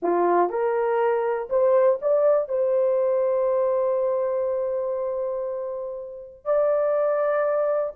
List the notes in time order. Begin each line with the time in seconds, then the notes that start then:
0.02 F4
0.49 A#4
1.49 C5
2.01 D5
2.48 C5
6.44 D5